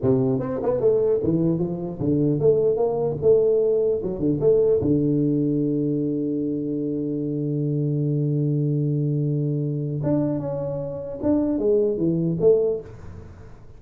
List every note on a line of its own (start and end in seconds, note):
0.01 0.39 C3
0.39 0.59 C4
0.62 0.80 B3
0.80 1.20 A3
1.23 1.59 E3
1.59 1.99 F3
1.99 2.39 D3
2.39 2.76 A3
2.76 3.16 A#3
3.21 4.01 A3
4.02 4.19 F#3
4.19 4.39 D3
4.40 4.80 A3
4.81 10.01 D3
10.03 10.39 D4
10.39 11.19 C#4
11.22 11.58 D4
11.58 11.97 G#3
11.97 12.37 E3
12.40 12.80 A3